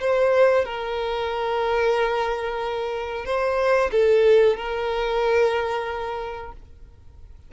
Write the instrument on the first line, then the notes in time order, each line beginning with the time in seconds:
violin
0.00 C5
0.65 A#4
3.25 C5
3.91 A4
4.57 A#4